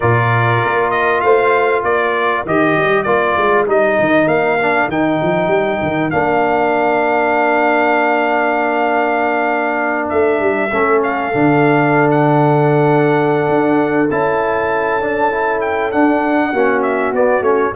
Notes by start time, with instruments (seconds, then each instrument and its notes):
0.00 tuba A#2, trombone F4, horn A#4, trumpet D5
0.64 tuba A#3
0.90 trumpet D#5
1.21 tuba A3, horn C5, trumpet F5
1.83 tuba A#3, horn A#4, trumpet D5
2.45 tuba D#3, trombone G4, trumpet D#5
2.76 tuba G3
3.03 tuba A#3, trombone F4, trumpet D5
3.37 tuba G#3
3.66 tuba G3, trombone D#4, trumpet D#5
3.99 tuba D#3
4.26 tuba A#3, trumpet F5
4.61 trombone D4
4.88 tuba D#3, trombone D#4, trumpet G5
5.22 tuba F3
5.47 tuba G3
5.82 tuba D#3
6.10 tuba A#3, trombone D4, trumpet F5
10.09 tuba A3, trumpet E5
10.40 tuba G3
10.72 tuba A3, trombone C#4, horn A4
11.03 trumpet F5
11.33 tuba D3, trombone D4
12.10 trumpet F#5
13.48 tuba D4
14.10 tuba C#4, trombone E4, trumpet A5
15.01 trombone D4
15.30 trombone E4
15.60 trumpet G5
15.91 trombone D4, tuba D4, trumpet F#5
16.52 tuba A#3, trombone C#4, horn F#4
16.82 trumpet E5
17.11 tuba B3, trombone B3, trumpet D5
17.41 tuba A3, trombone C#4, trumpet C#5